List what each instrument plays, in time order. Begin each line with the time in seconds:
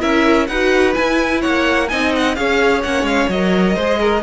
0.00 cello C#4, viola E4, violin A#4 E5
0.47 cello D#4, viola F#4, violin B4 F#5
0.94 viola E4, cello E4, violin G#5
1.41 cello A#3, violin C#5 F#5
1.88 cello C4, viola D#4, violin D#5 G#5
2.16 violin F#5
2.35 cello C#4, viola G#4, violin C#5 F5
2.83 cello A#3, viola C#4, violin F#5
3.02 cello G#3, violin F5
3.29 cello F#3, viola A#4, violin D#5
3.75 cello G#3, viola G#4, violin C5
4.00 violin A#4